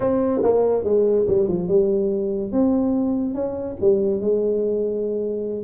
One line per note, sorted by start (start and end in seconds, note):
0.00 0.41 C4
0.42 0.84 A#3
0.84 1.26 G#3
1.27 1.48 G3
1.48 1.68 F3
1.68 2.52 G3
2.52 3.34 C4
3.34 3.76 C#4
3.80 4.20 G3
4.20 5.63 G#3